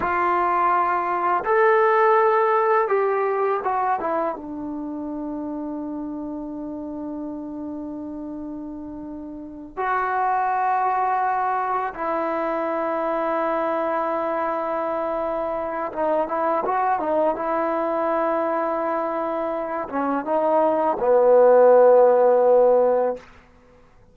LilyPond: \new Staff \with { instrumentName = "trombone" } { \time 4/4 \tempo 4 = 83 f'2 a'2 | g'4 fis'8 e'8 d'2~ | d'1~ | d'4. fis'2~ fis'8~ |
fis'8 e'2.~ e'8~ | e'2 dis'8 e'8 fis'8 dis'8 | e'2.~ e'8 cis'8 | dis'4 b2. | }